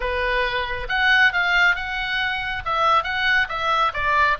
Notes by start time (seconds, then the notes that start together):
0.00 B4
0.89 F#5
1.32 F5
1.75 F#5
2.65 E5
3.03 F#5
3.48 E5
3.93 D5